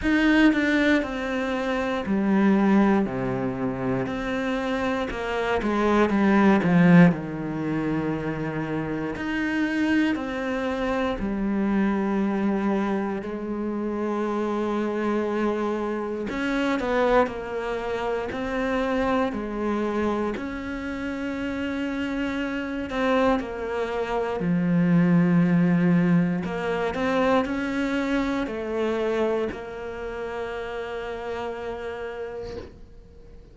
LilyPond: \new Staff \with { instrumentName = "cello" } { \time 4/4 \tempo 4 = 59 dis'8 d'8 c'4 g4 c4 | c'4 ais8 gis8 g8 f8 dis4~ | dis4 dis'4 c'4 g4~ | g4 gis2. |
cis'8 b8 ais4 c'4 gis4 | cis'2~ cis'8 c'8 ais4 | f2 ais8 c'8 cis'4 | a4 ais2. | }